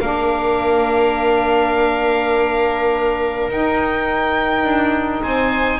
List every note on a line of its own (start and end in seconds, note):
0.00 3.49 A#3
0.00 3.50 D4
0.00 5.22 A#4
0.00 3.50 F5
3.49 4.64 D#4
3.49 5.79 D#4
3.49 5.22 G5
4.64 5.22 D4
5.22 5.79 C4
5.22 5.79 C5
5.22 5.79 G#5